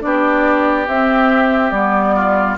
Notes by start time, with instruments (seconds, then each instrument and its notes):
0.00 bassoon B3, clarinet D4, flute D5
0.06 oboe G4
0.87 bassoon C4, clarinet C4, flute E5
1.70 bassoon G3, clarinet B3, flute D5
2.15 oboe F4